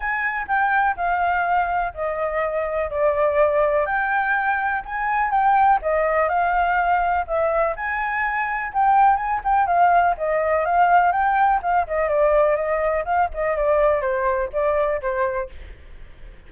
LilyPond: \new Staff \with { instrumentName = "flute" } { \time 4/4 \tempo 4 = 124 gis''4 g''4 f''2 | dis''2 d''2 | g''2 gis''4 g''4 | dis''4 f''2 e''4 |
gis''2 g''4 gis''8 g''8 | f''4 dis''4 f''4 g''4 | f''8 dis''8 d''4 dis''4 f''8 dis''8 | d''4 c''4 d''4 c''4 | }